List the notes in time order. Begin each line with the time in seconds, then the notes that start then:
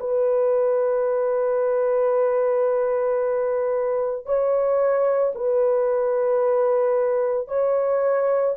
0.00 B4
4.27 C#5
5.36 B4
7.49 C#5